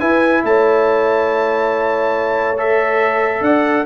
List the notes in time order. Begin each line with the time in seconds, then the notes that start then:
0.00 E4 B4 G#5
0.44 A3 C#5 A5
2.58 A4 E5
3.42 D4 D5 F#5